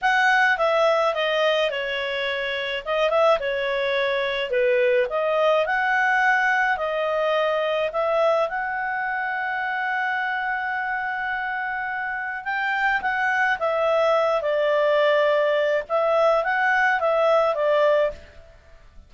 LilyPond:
\new Staff \with { instrumentName = "clarinet" } { \time 4/4 \tempo 4 = 106 fis''4 e''4 dis''4 cis''4~ | cis''4 dis''8 e''8 cis''2 | b'4 dis''4 fis''2 | dis''2 e''4 fis''4~ |
fis''1~ | fis''2 g''4 fis''4 | e''4. d''2~ d''8 | e''4 fis''4 e''4 d''4 | }